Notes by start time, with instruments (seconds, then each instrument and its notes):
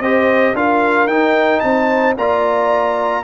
0.00 tuba C4, trombone G4, horn C5, trumpet D#5
0.54 tuba D4, trombone F4, horn A#4, trumpet F5
1.07 tuba D#4, trombone D#4, trumpet G5
1.60 tuba C4, horn C5, trumpet A5
2.17 tuba A#3, trombone F4, horn D5, trumpet A#5